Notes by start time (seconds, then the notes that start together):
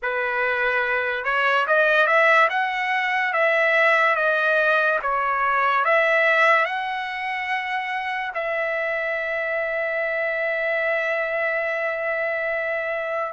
0.02 B4
1.24 C#5
1.67 D#5
2.06 E5
2.49 F#5
3.33 E5
4.15 D#5
5.02 C#5
5.84 E5
6.65 F#5
8.34 E5